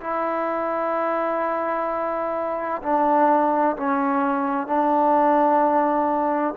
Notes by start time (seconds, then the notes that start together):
0.00 E4
2.82 D4
3.76 C#4
4.67 D4